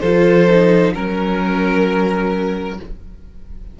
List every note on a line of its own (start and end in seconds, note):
0.00 0.95 F3
0.00 0.49 F4
0.00 0.94 A4
0.00 0.92 C5
0.49 0.95 D#4
0.94 2.80 F#3
0.94 2.79 C#4
0.94 2.79 A#4